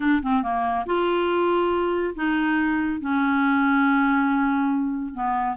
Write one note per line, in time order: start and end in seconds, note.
0.00 0.21 D4
0.22 0.42 C4
0.42 0.85 A#3
0.86 2.14 F4
2.15 3.00 D#4
3.00 5.14 C#4
5.14 5.56 B3